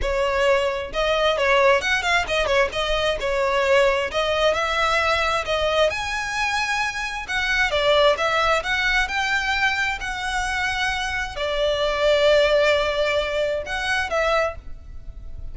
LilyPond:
\new Staff \with { instrumentName = "violin" } { \time 4/4 \tempo 4 = 132 cis''2 dis''4 cis''4 | fis''8 f''8 dis''8 cis''8 dis''4 cis''4~ | cis''4 dis''4 e''2 | dis''4 gis''2. |
fis''4 d''4 e''4 fis''4 | g''2 fis''2~ | fis''4 d''2.~ | d''2 fis''4 e''4 | }